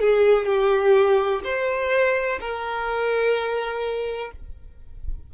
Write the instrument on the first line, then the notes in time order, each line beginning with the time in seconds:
violin
0.00 G#4
0.45 G4
1.44 C5
2.40 A#4